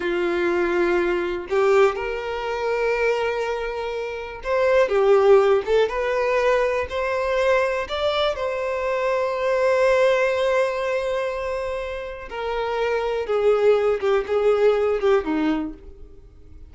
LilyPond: \new Staff \with { instrumentName = "violin" } { \time 4/4 \tempo 4 = 122 f'2. g'4 | ais'1~ | ais'4 c''4 g'4. a'8 | b'2 c''2 |
d''4 c''2.~ | c''1~ | c''4 ais'2 gis'4~ | gis'8 g'8 gis'4. g'8 dis'4 | }